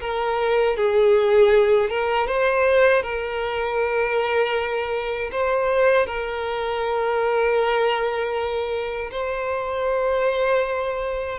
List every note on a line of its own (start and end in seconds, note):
0.00 0.76 A#4
0.76 1.90 G#4
1.90 2.27 A#4
2.27 3.02 C5
3.02 5.30 A#4
5.31 6.06 C5
6.06 9.10 A#4
9.11 11.39 C5